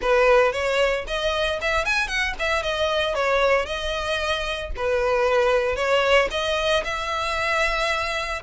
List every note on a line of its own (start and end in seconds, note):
0.01 0.52 B4
0.52 1.05 C#5
1.07 1.59 D#5
1.61 1.85 E5
1.85 2.07 G#5
2.07 2.33 F#5
2.39 2.62 E5
2.62 3.14 D#5
3.14 3.65 C#5
3.65 4.70 D#5
4.76 5.76 B4
5.76 6.28 C#5
6.31 6.83 D#5
6.84 8.42 E5